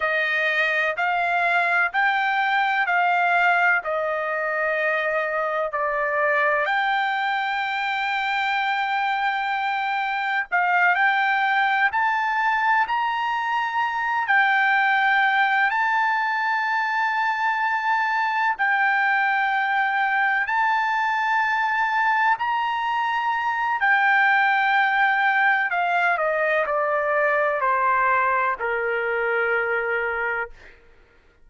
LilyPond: \new Staff \with { instrumentName = "trumpet" } { \time 4/4 \tempo 4 = 63 dis''4 f''4 g''4 f''4 | dis''2 d''4 g''4~ | g''2. f''8 g''8~ | g''8 a''4 ais''4. g''4~ |
g''8 a''2. g''8~ | g''4. a''2 ais''8~ | ais''4 g''2 f''8 dis''8 | d''4 c''4 ais'2 | }